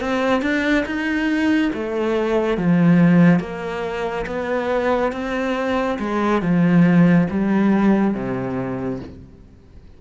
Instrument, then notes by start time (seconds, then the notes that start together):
cello
0.00 C4
0.42 D4
0.85 D#4
1.73 A3
2.57 F3
3.39 A#3
4.26 B3
5.12 C4
5.99 G#3
6.42 F3
7.30 G3
8.14 C3